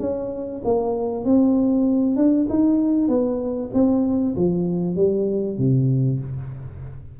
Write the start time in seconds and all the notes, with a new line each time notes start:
0.00 C#4
0.64 A#3
1.25 C4
2.16 D4
2.49 D#4
3.08 B3
3.73 C4
4.36 F3
4.96 G3
5.58 C3